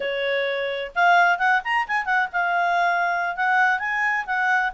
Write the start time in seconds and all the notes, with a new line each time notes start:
0.00 C#5
0.95 F5
1.38 F#5
1.64 A#5
1.87 G#5
2.05 F#5
2.32 F5
3.36 F#5
3.79 G#5
4.26 F#5